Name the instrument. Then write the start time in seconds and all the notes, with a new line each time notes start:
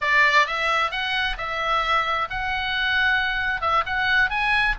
oboe
0.01 D5
0.47 E5
0.91 F#5
1.37 E5
2.30 F#5
3.61 E5
3.86 F#5
4.30 G#5